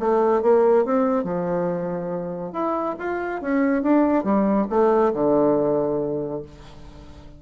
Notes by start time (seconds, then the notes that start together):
0.00 A3
0.42 A#3
0.85 C4
1.24 F3
2.53 E4
3.00 F4
3.42 C#4
3.83 D4
4.24 G3
4.70 A3
5.14 D3